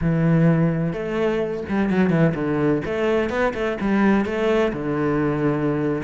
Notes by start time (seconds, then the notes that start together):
0.01 E3
0.92 A3
1.68 G3
1.90 F#3
2.10 E3
2.34 D3
2.85 A3
3.29 B3
3.53 A3
3.81 G3
4.25 A3
4.72 D3